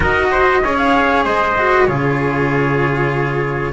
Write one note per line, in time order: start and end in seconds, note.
0.00 0.62 D#4
0.00 0.62 F#4
0.00 0.29 A#4
0.00 0.77 D#5
0.31 0.62 C5
0.63 1.24 C#4
0.63 1.58 G#4
0.63 1.24 C#5
0.77 1.24 F5
1.24 1.87 G#3
1.24 1.87 C5
1.24 1.86 D#5
1.58 1.88 F#4
1.86 3.73 C#3
1.86 3.73 F4
1.86 3.73 G#4
1.86 3.73 C#5